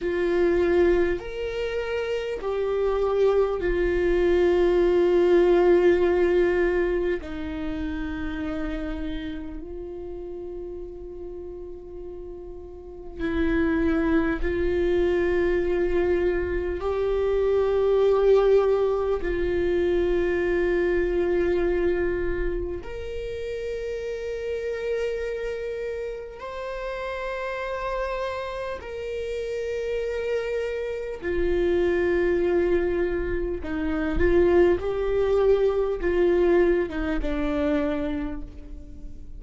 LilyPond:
\new Staff \with { instrumentName = "viola" } { \time 4/4 \tempo 4 = 50 f'4 ais'4 g'4 f'4~ | f'2 dis'2 | f'2. e'4 | f'2 g'2 |
f'2. ais'4~ | ais'2 c''2 | ais'2 f'2 | dis'8 f'8 g'4 f'8. dis'16 d'4 | }